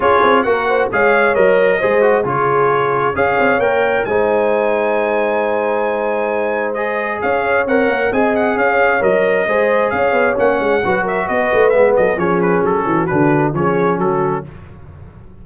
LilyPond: <<
  \new Staff \with { instrumentName = "trumpet" } { \time 4/4 \tempo 4 = 133 cis''4 fis''4 f''4 dis''4~ | dis''4 cis''2 f''4 | g''4 gis''2.~ | gis''2. dis''4 |
f''4 fis''4 gis''8 fis''8 f''4 | dis''2 f''4 fis''4~ | fis''8 e''8 dis''4 e''8 dis''8 cis''8 b'8 | a'4 b'4 cis''4 a'4 | }
  \new Staff \with { instrumentName = "horn" } { \time 4/4 gis'4 ais'8 c''8 cis''2 | c''4 gis'2 cis''4~ | cis''4 c''2.~ | c''1 |
cis''2 dis''4 cis''4~ | cis''4 c''4 cis''2 | b'8 ais'8 b'4. a'8 gis'4~ | gis'8 fis'4. gis'4 fis'4 | }
  \new Staff \with { instrumentName = "trombone" } { \time 4/4 f'4 fis'4 gis'4 ais'4 | gis'8 fis'8 f'2 gis'4 | ais'4 dis'2.~ | dis'2. gis'4~ |
gis'4 ais'4 gis'2 | ais'4 gis'2 cis'4 | fis'2 b4 cis'4~ | cis'4 d'4 cis'2 | }
  \new Staff \with { instrumentName = "tuba" } { \time 4/4 cis'8 c'8 ais4 gis4 fis4 | gis4 cis2 cis'8 c'8 | ais4 gis2.~ | gis1 |
cis'4 c'8 ais8 c'4 cis'4 | fis4 gis4 cis'8 b8 ais8 gis8 | fis4 b8 a8 gis8 fis8 f4 | fis8 e8 d4 f4 fis4 | }
>>